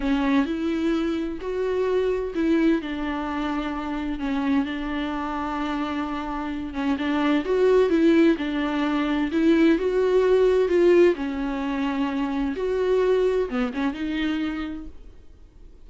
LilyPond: \new Staff \with { instrumentName = "viola" } { \time 4/4 \tempo 4 = 129 cis'4 e'2 fis'4~ | fis'4 e'4 d'2~ | d'4 cis'4 d'2~ | d'2~ d'8 cis'8 d'4 |
fis'4 e'4 d'2 | e'4 fis'2 f'4 | cis'2. fis'4~ | fis'4 b8 cis'8 dis'2 | }